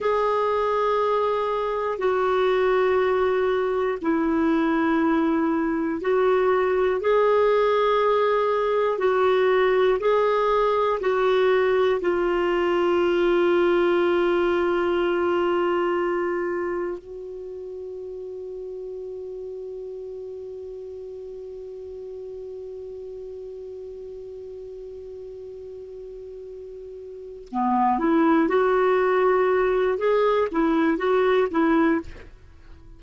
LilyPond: \new Staff \with { instrumentName = "clarinet" } { \time 4/4 \tempo 4 = 60 gis'2 fis'2 | e'2 fis'4 gis'4~ | gis'4 fis'4 gis'4 fis'4 | f'1~ |
f'4 fis'2.~ | fis'1~ | fis'2.~ fis'8 b8 | e'8 fis'4. gis'8 e'8 fis'8 e'8 | }